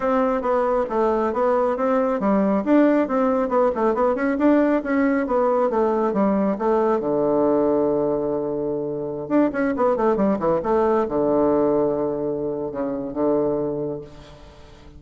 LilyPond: \new Staff \with { instrumentName = "bassoon" } { \time 4/4 \tempo 4 = 137 c'4 b4 a4 b4 | c'4 g4 d'4 c'4 | b8 a8 b8 cis'8 d'4 cis'4 | b4 a4 g4 a4 |
d1~ | d4~ d16 d'8 cis'8 b8 a8 g8 e16~ | e16 a4 d2~ d8.~ | d4 cis4 d2 | }